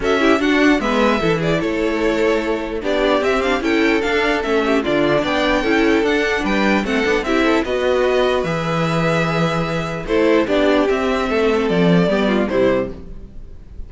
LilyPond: <<
  \new Staff \with { instrumentName = "violin" } { \time 4/4 \tempo 4 = 149 e''4 fis''4 e''4. d''8 | cis''2. d''4 | e''8 f''8 g''4 f''4 e''4 | d''4 g''2 fis''4 |
g''4 fis''4 e''4 dis''4~ | dis''4 e''2.~ | e''4 c''4 d''4 e''4~ | e''4 d''2 c''4 | }
  \new Staff \with { instrumentName = "violin" } { \time 4/4 a'8 g'8 fis'4 b'4 a'8 gis'8 | a'2. g'4~ | g'4 a'2~ a'8 g'8 | f'4 d''4 a'2 |
b'4 a'4 g'8 a'8 b'4~ | b'1~ | b'4 a'4 g'2 | a'2 g'8 f'8 e'4 | }
  \new Staff \with { instrumentName = "viola" } { \time 4/4 fis'8 e'8 d'4 b4 e'4~ | e'2. d'4 | c'8 d'8 e'4 d'4 cis'4 | d'2 e'4 d'4~ |
d'4 c'8 d'8 e'4 fis'4~ | fis'4 gis'2.~ | gis'4 e'4 d'4 c'4~ | c'2 b4 g4 | }
  \new Staff \with { instrumentName = "cello" } { \time 4/4 cis'4 d'4 gis4 e4 | a2. b4 | c'4 cis'4 d'4 a4 | d4 b4 cis'4 d'4 |
g4 a8 b8 c'4 b4~ | b4 e2.~ | e4 a4 b4 c'4 | a4 f4 g4 c4 | }
>>